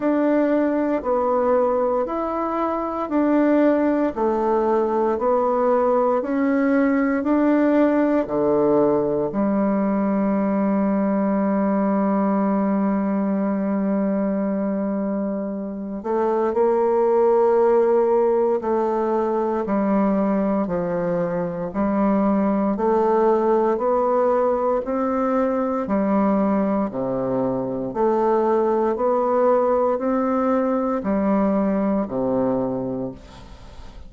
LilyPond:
\new Staff \with { instrumentName = "bassoon" } { \time 4/4 \tempo 4 = 58 d'4 b4 e'4 d'4 | a4 b4 cis'4 d'4 | d4 g2.~ | g2.~ g8 a8 |
ais2 a4 g4 | f4 g4 a4 b4 | c'4 g4 c4 a4 | b4 c'4 g4 c4 | }